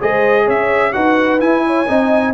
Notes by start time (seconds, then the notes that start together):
0.00 G#3 G#4 C5 D#5
0.44 C#4 C#5 E5
0.92 D#4 F#4 B4 F#5
1.39 E4 G#5
1.66 C#5
1.87 C4 D#4 D#5